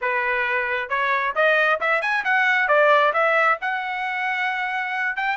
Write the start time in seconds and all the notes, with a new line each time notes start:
0.01 B4
0.89 C#5
1.35 D#5
1.80 E5
2.01 G#5
2.24 F#5
2.67 D5
3.13 E5
3.61 F#5
5.16 G5